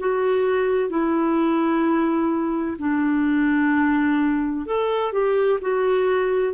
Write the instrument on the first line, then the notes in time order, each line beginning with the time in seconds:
clarinet
0.00 F#4
0.89 E4
2.79 D4
4.66 A4
5.12 G4
5.61 F#4